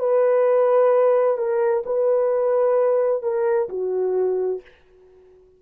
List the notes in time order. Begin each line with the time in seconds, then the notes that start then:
0.00 B4
1.38 A#4
1.86 B4
3.23 A#4
3.69 F#4